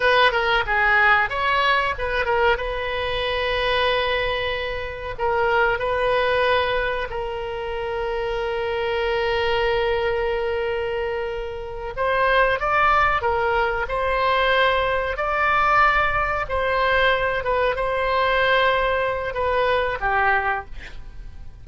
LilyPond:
\new Staff \with { instrumentName = "oboe" } { \time 4/4 \tempo 4 = 93 b'8 ais'8 gis'4 cis''4 b'8 ais'8 | b'1 | ais'4 b'2 ais'4~ | ais'1~ |
ais'2~ ais'8 c''4 d''8~ | d''8 ais'4 c''2 d''8~ | d''4. c''4. b'8 c''8~ | c''2 b'4 g'4 | }